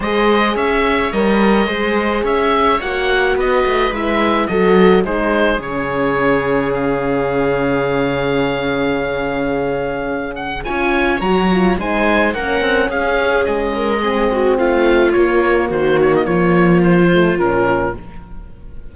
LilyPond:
<<
  \new Staff \with { instrumentName = "oboe" } { \time 4/4 \tempo 4 = 107 dis''4 e''4 dis''2 | e''4 fis''4 dis''4 e''4 | dis''4 c''4 cis''2 | f''1~ |
f''2~ f''8 fis''8 gis''4 | ais''4 gis''4 fis''4 f''4 | dis''2 f''4 cis''4 | c''8 cis''16 dis''16 cis''4 c''4 ais'4 | }
  \new Staff \with { instrumentName = "viola" } { \time 4/4 c''4 cis''2 c''4 | cis''2 b'2 | a'4 gis'2.~ | gis'1~ |
gis'2. cis''4~ | cis''4 c''4 ais'4 gis'4~ | gis'8 ais'8 gis'8 fis'8 f'2 | fis'4 f'2. | }
  \new Staff \with { instrumentName = "horn" } { \time 4/4 gis'2 ais'4 gis'4~ | gis'4 fis'2 e'4 | fis'4 dis'4 cis'2~ | cis'1~ |
cis'2. f'4 | fis'8 f'8 dis'4 cis'2~ | cis'4 c'2 ais4~ | ais2~ ais8 a8 cis'4 | }
  \new Staff \with { instrumentName = "cello" } { \time 4/4 gis4 cis'4 g4 gis4 | cis'4 ais4 b8 a8 gis4 | fis4 gis4 cis2~ | cis1~ |
cis2. cis'4 | fis4 gis4 ais8 c'8 cis'4 | gis2 a4 ais4 | dis4 f2 ais,4 | }
>>